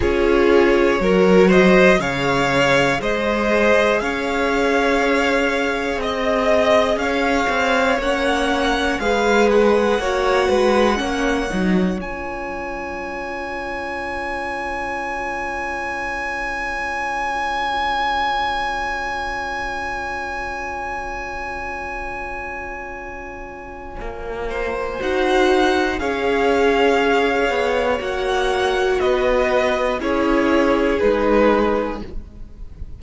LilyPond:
<<
  \new Staff \with { instrumentName = "violin" } { \time 4/4 \tempo 4 = 60 cis''4. dis''8 f''4 dis''4 | f''2 dis''4 f''4 | fis''4 f''8 fis''2~ fis''8 | gis''1~ |
gis''1~ | gis''1~ | gis''4 fis''4 f''2 | fis''4 dis''4 cis''4 b'4 | }
  \new Staff \with { instrumentName = "violin" } { \time 4/4 gis'4 ais'8 c''8 cis''4 c''4 | cis''2 dis''4 cis''4~ | cis''4 b'4 cis''8 b'8 cis''4~ | cis''1~ |
cis''1~ | cis''1~ | cis''8 c''4. cis''2~ | cis''4 b'4 gis'2 | }
  \new Staff \with { instrumentName = "viola" } { \time 4/4 f'4 fis'4 gis'2~ | gis'1 | cis'4 gis'4 fis'4 cis'8 dis'8 | f'1~ |
f'1~ | f'1~ | f'4 fis'4 gis'2 | fis'2 e'4 dis'4 | }
  \new Staff \with { instrumentName = "cello" } { \time 4/4 cis'4 fis4 cis4 gis4 | cis'2 c'4 cis'8 c'8 | ais4 gis4 ais8 gis8 ais8 fis8 | cis'1~ |
cis'1~ | cis'1 | ais4 dis'4 cis'4. b8 | ais4 b4 cis'4 gis4 | }
>>